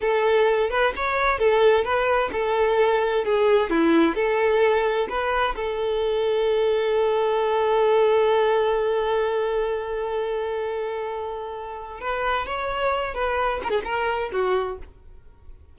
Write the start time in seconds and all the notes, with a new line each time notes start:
0.00 A4
0.70 B4
0.96 C#5
1.38 A4
1.84 B4
2.32 A4
3.25 G#4
3.69 E4
4.15 A4
5.09 B4
5.55 A4
12.00 B4
12.46 C#5
13.14 B4
13.63 A#4
13.70 G#4
13.84 A#4
14.32 F#4